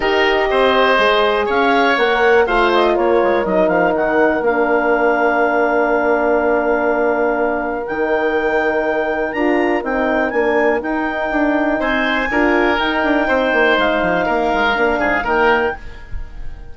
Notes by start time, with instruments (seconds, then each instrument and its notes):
0.00 bassoon D#4, horn G4, oboe A#4, clarinet D#5
0.50 bassoon C4, oboe C5
0.97 bassoon G#3, horn G#4
1.46 bassoon C#4, oboe C#5, clarinet F5
1.97 bassoon A#3, horn A#4, clarinet F#5
2.46 bassoon A3, horn F4, oboe C5, clarinet F5
2.73 clarinet D#5
2.93 bassoon A#3, oboe A#4, clarinet C#5
3.22 bassoon G#3
3.44 bassoon F#3, horn D#4, clarinet D#5
3.67 bassoon F3, clarinet F5
3.94 bassoon D#3, clarinet F#5
4.41 bassoon A#3, horn D4, clarinet F5
7.86 bassoon D#3, horn D#4, clarinet G5
9.32 bassoon D4, horn F4, clarinet A#5
9.82 bassoon C4, horn D#4, clarinet G5
10.30 bassoon A#3, horn D4, clarinet G#5
10.80 horn D#4, bassoon D#4, clarinet G5
11.30 bassoon D4
11.79 bassoon C4, oboe C5, clarinet G#5
12.30 bassoon D4, horn F4, oboe A#4
12.76 horn D#4, bassoon D#4, clarinet G5
13.03 bassoon D4
13.27 bassoon C4, oboe C5
13.52 bassoon A#3
13.77 bassoon G#3, clarinet F5
14.01 bassoon F3
14.25 bassoon A#3, oboe A#4
14.53 bassoon G#3
14.74 bassoon A#3, horn D4
14.98 bassoon G#2, oboe G#4
15.23 bassoon D#3, horn A#3, oboe A#4, clarinet G5